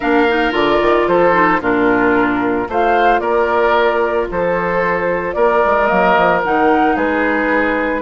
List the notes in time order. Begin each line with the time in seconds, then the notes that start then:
0.00 A#3 D4 A#4 F5
0.28 D#4
0.51 D3 F4 D5
0.80 D#3
1.07 F3 A4 C5
1.32 D#4
1.60 A#2 D4 F4 A#4
2.66 A3 F4 C5 F5
3.19 A#3 A#4 D5
4.30 F3 A4 C5
5.33 A#3 A#4 D5
5.65 G#3
5.86 F#3 A#3 D#5
6.17 F3
6.44 D#3 D#4 F#5
6.95 G#3 G#4 B4